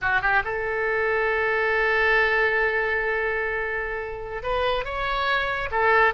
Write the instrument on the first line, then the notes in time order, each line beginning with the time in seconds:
oboe
0.01 F#4
0.21 G4
0.44 A4
4.43 B4
4.84 C#5
5.71 A4